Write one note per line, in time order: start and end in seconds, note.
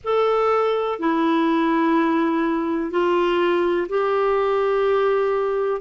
0.04 0.99 A4
0.99 2.90 E4
2.90 3.87 F4
3.88 5.81 G4